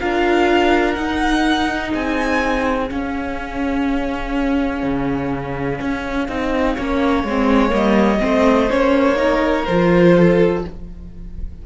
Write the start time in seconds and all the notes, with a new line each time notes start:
0.00 D4 F4 A#4 F5
0.94 D#4 F#5
1.92 C4 G#4 G#5
2.89 C#4 F5
4.83 C#3
5.81 C#4
6.28 C4 D#4
6.75 A#3 C#4 C#5
7.23 G#3 C4
7.69 G3 A#3 D#5
8.20 A3 C4 C5
8.70 A#3 C#4 C#5
9.16 D#4 A#4
9.65 F3 F4 C5
10.17 A4